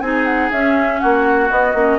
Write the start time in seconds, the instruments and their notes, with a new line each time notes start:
0.00 bassoon C4, clarinet D#4, oboe G#4, flute G#5
0.25 flute F#5
0.51 bassoon C#4, clarinet C#4, flute E5
0.99 bassoon A#3, oboe F#4, flute F#5
1.50 clarinet B3, bassoon B3, flute D#5
1.74 bassoon A#3, clarinet C#4